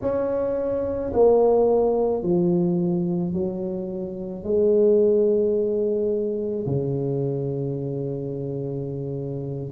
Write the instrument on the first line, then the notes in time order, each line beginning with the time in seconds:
tuba
0.01 C#4
1.13 A#3
2.22 F3
3.33 F#3
4.43 G#3
6.66 C#3